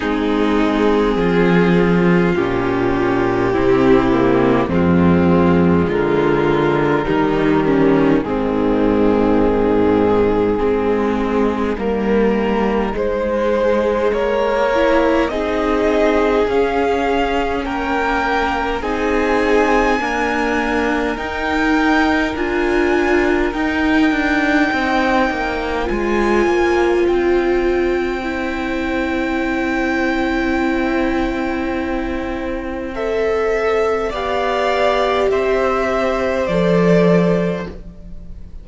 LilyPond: <<
  \new Staff \with { instrumentName = "violin" } { \time 4/4 \tempo 4 = 51 gis'2 g'2 | f'4 ais'2 gis'4~ | gis'2 ais'4 c''4 | cis''4 dis''4 f''4 g''4 |
gis''2 g''4 gis''4 | g''2 gis''4 g''4~ | g''1 | e''4 f''4 e''4 d''4 | }
  \new Staff \with { instrumentName = "violin" } { \time 4/4 dis'4 f'2 e'4 | c'4 f'4 dis'8 cis'8 c'4~ | c'4 dis'2. | ais'4 gis'2 ais'4 |
gis'4 ais'2.~ | ais'4 c''2.~ | c''1~ | c''4 d''4 c''2 | }
  \new Staff \with { instrumentName = "viola" } { \time 4/4 c'2 cis'4 c'8 ais8 | gis2 g4 dis4~ | dis4 c'4 ais4 gis4~ | gis8 e'8 dis'4 cis'2 |
dis'4 ais4 dis'4 f'4 | dis'2 f'2 | e'1 | a'4 g'2 a'4 | }
  \new Staff \with { instrumentName = "cello" } { \time 4/4 gis4 f4 ais,4 c4 | f,4 d4 dis4 gis,4~ | gis,4 gis4 g4 gis4 | ais4 c'4 cis'4 ais4 |
c'4 d'4 dis'4 d'4 | dis'8 d'8 c'8 ais8 gis8 ais8 c'4~ | c'1~ | c'4 b4 c'4 f4 | }
>>